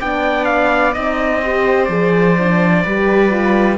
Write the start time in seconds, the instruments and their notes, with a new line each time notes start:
0.00 cello B3, horn D4, viola D5, trumpet G5
0.45 trumpet F5
0.94 cello C4, horn D#4, trumpet D#5
1.42 horn G4, viola C5
1.85 cello F3, horn G#4, trumpet D5
2.39 horn D4
2.84 cello G3, horn G4, viola B4
3.31 horn F4